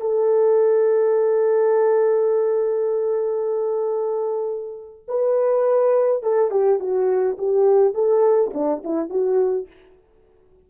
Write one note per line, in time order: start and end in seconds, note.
0.00 5.05 A4
5.08 6.23 B4
6.23 6.51 A4
6.51 6.79 G4
6.79 7.37 F#4
7.38 7.94 G4
7.94 8.51 A4
8.53 8.82 D4
8.83 9.09 E4
9.09 9.67 F#4